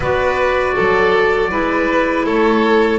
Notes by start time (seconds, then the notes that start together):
0.00 B3 F#4 B4 D5
0.75 F#3 A4
1.50 G#3 E4 B4
2.25 A3 A4 C#5